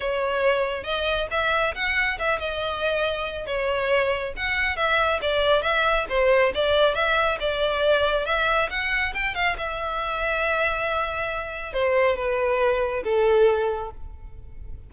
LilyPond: \new Staff \with { instrumentName = "violin" } { \time 4/4 \tempo 4 = 138 cis''2 dis''4 e''4 | fis''4 e''8 dis''2~ dis''8 | cis''2 fis''4 e''4 | d''4 e''4 c''4 d''4 |
e''4 d''2 e''4 | fis''4 g''8 f''8 e''2~ | e''2. c''4 | b'2 a'2 | }